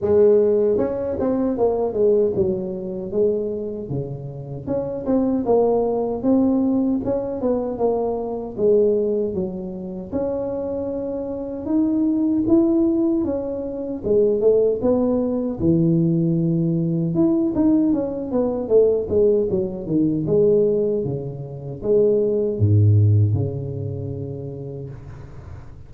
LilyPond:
\new Staff \with { instrumentName = "tuba" } { \time 4/4 \tempo 4 = 77 gis4 cis'8 c'8 ais8 gis8 fis4 | gis4 cis4 cis'8 c'8 ais4 | c'4 cis'8 b8 ais4 gis4 | fis4 cis'2 dis'4 |
e'4 cis'4 gis8 a8 b4 | e2 e'8 dis'8 cis'8 b8 | a8 gis8 fis8 dis8 gis4 cis4 | gis4 gis,4 cis2 | }